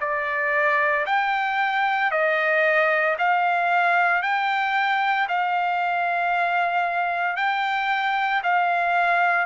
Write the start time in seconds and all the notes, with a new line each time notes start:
0.00 D5
1.06 G5
2.11 D#5
3.18 F5
4.22 G5
5.28 F5
7.36 G5
8.43 F5